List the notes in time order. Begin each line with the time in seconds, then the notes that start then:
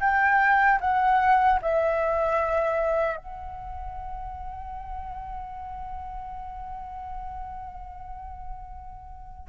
0.00 G5
0.80 F#5
1.61 E5
3.17 F#5